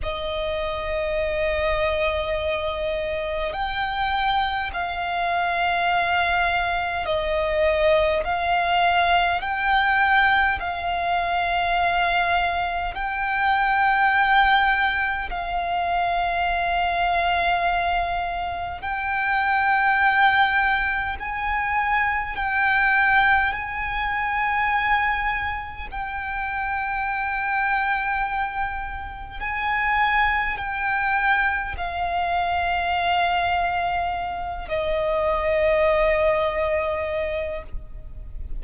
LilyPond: \new Staff \with { instrumentName = "violin" } { \time 4/4 \tempo 4 = 51 dis''2. g''4 | f''2 dis''4 f''4 | g''4 f''2 g''4~ | g''4 f''2. |
g''2 gis''4 g''4 | gis''2 g''2~ | g''4 gis''4 g''4 f''4~ | f''4. dis''2~ dis''8 | }